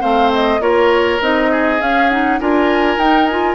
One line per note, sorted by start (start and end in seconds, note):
0.00 0.60 A3
0.00 0.59 C4
0.00 0.60 C5
0.00 0.31 F5
0.33 0.61 D#5
0.60 1.19 A#3
0.60 1.19 F4
0.60 1.51 A#4
0.60 1.21 C#5
1.20 1.80 C4
1.20 1.79 D#4
1.20 1.81 D#5
1.51 2.40 G#4
1.79 2.09 C#4
1.79 2.40 C#4
1.79 2.10 F5
2.10 2.40 D#4
2.10 2.39 F#5
2.40 2.97 D4
2.40 2.99 F4
2.40 3.55 A#4
2.40 3.00 G#5
2.97 3.55 D#4
2.97 3.29 D#4
2.97 3.25 G5
3.25 3.55 F4
3.25 3.55 G#5